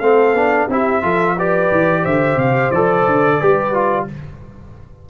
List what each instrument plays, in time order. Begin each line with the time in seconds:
0.00 tuba A3, trombone C4, horn A4, trumpet F5
0.33 tuba B3, trombone D4
0.69 tuba C4, trombone E4, horn G4, trumpet E5
1.02 tuba F3, trombone F4, horn A4
1.37 trombone G4, horn B4, trumpet D5
1.71 tuba E3
2.02 tuba D3, horn C5, trumpet E5
2.36 tuba C3, trumpet F5
2.71 tuba F3, trombone A4, trumpet D5
3.06 tuba D3
3.38 tuba G3, trombone G4, horn B4
3.74 trombone F4